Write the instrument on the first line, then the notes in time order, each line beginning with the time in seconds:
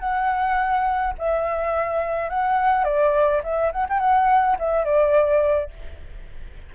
flute
0.00 F#5
1.19 E5
2.30 F#5
2.85 D5
3.44 E5
3.73 F#5
3.89 G5
4.00 F#5
4.59 E5
4.85 D5